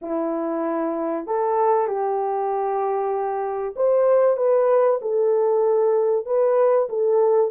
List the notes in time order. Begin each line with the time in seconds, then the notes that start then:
0.01 E4
1.26 A4
1.87 G4
3.76 C5
4.37 B4
5.01 A4
6.25 B4
6.89 A4